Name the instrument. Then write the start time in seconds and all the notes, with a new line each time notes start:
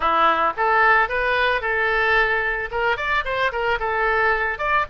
oboe
0.00 E4
0.56 A4
1.08 B4
1.61 A4
2.71 A#4
2.97 D5
3.24 C5
3.51 A#4
3.79 A4
4.58 D5